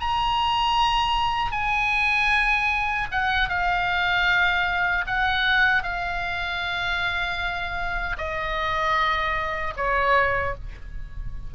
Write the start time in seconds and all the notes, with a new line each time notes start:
0.00 A#5
1.52 G#5
3.11 F#5
3.49 F5
5.06 F#5
5.83 F5
8.18 D#5
9.77 C#5